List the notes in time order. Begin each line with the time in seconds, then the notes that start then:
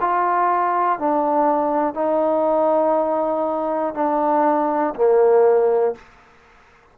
0.00 F4
0.99 D4
1.94 D#4
3.94 D4
4.95 A#3